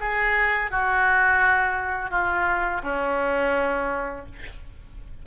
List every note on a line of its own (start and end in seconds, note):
0.00 0.70 G#4
0.70 2.10 F#4
2.10 2.81 F4
2.82 4.25 C#4